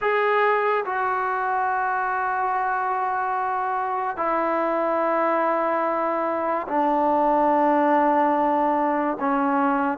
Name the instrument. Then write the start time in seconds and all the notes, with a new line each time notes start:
trombone
0.01 G#4
0.85 F#4
4.16 E4
6.67 D4
9.19 C#4